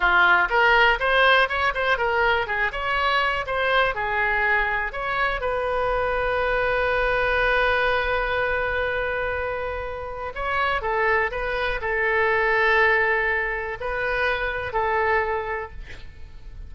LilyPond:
\new Staff \with { instrumentName = "oboe" } { \time 4/4 \tempo 4 = 122 f'4 ais'4 c''4 cis''8 c''8 | ais'4 gis'8 cis''4. c''4 | gis'2 cis''4 b'4~ | b'1~ |
b'1~ | b'4 cis''4 a'4 b'4 | a'1 | b'2 a'2 | }